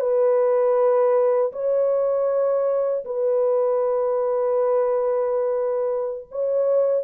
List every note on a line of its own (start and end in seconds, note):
0.00 1.52 B4
1.53 3.04 C#5
3.05 6.28 B4
6.31 7.04 C#5